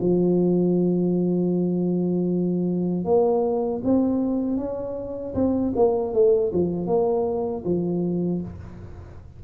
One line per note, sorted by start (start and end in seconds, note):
0.00 3.05 F3
3.05 3.81 A#3
3.84 4.57 C4
4.57 5.34 C#4
5.34 5.73 C4
5.76 6.13 A#3
6.13 6.51 A3
6.52 6.86 F3
6.86 7.63 A#3
7.64 8.41 F3